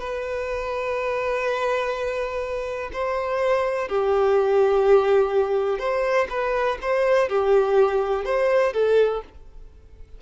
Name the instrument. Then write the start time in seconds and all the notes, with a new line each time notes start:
violin
0.00 B4
2.93 C5
3.88 G4
5.79 C5
6.29 B4
6.81 C5
7.28 G4
8.25 C5
8.73 A4